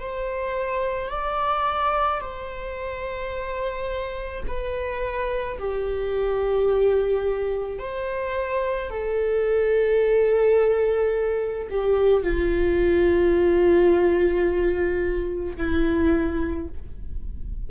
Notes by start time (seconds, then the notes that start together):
0.00 C5
1.09 D5
2.21 C5
4.47 B4
5.59 G4
7.79 C5
8.90 A4
11.70 G4
12.23 F4
15.57 E4